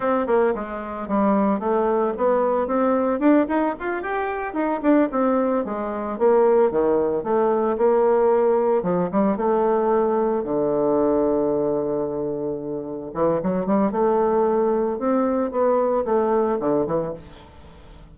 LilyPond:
\new Staff \with { instrumentName = "bassoon" } { \time 4/4 \tempo 4 = 112 c'8 ais8 gis4 g4 a4 | b4 c'4 d'8 dis'8 f'8 g'8~ | g'8 dis'8 d'8 c'4 gis4 ais8~ | ais8 dis4 a4 ais4.~ |
ais8 f8 g8 a2 d8~ | d1~ | d8 e8 fis8 g8 a2 | c'4 b4 a4 d8 e8 | }